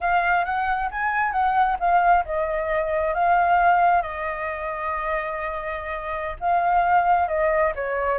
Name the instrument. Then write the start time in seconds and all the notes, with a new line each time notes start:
flute
0.00 F5
0.44 F#5
0.91 G#5
1.32 F#5
1.79 F5
2.25 D#5
3.14 F5
4.02 D#5
6.39 F5
7.28 D#5
7.75 C#5